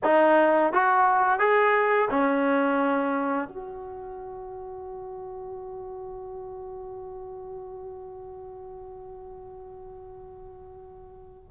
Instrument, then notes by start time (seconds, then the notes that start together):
trombone
0.03 D#4
0.72 F#4
1.39 G#4
2.10 C#4
3.48 F#4